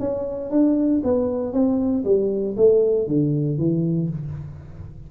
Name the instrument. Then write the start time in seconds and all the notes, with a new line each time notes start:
tuba
0.00 C#4
0.51 D4
1.04 B3
1.53 C4
2.05 G3
2.57 A3
3.08 D3
3.58 E3